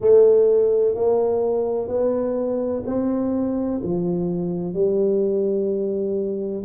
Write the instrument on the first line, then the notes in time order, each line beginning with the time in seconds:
tuba
0.00 A3
0.94 A#3
1.88 B3
2.86 C4
3.83 F3
4.73 G3